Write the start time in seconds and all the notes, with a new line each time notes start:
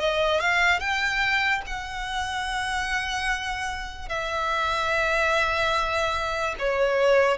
0.00 D#5
0.40 F5
0.80 G5
1.67 F#5
4.09 E5
6.59 C#5